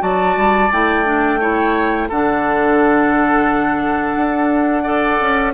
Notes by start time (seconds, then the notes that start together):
0.00 F#3 F#4 D5 A5
0.37 G3
0.72 A3 E4 G5
1.05 D4
1.41 E4 C#5
2.09 D3 D4 A4 F#5
4.16 D4
4.84 A4 D5
5.21 C#4